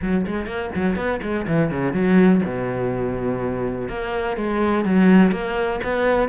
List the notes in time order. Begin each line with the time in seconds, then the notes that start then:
0.02 F#3
0.26 G#3
0.46 A#3
0.75 F#3
0.96 B3
1.22 G#3
1.47 E3
1.70 C#3
1.93 F#3
2.44 B2
3.88 A#3
4.36 G#3
4.84 F#3
5.31 A#3
5.83 B3